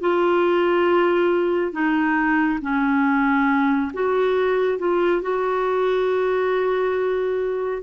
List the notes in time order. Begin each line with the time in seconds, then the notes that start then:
0.00 F4
1.72 D#4
2.61 C#4
3.93 F#4
4.78 F4
5.22 F#4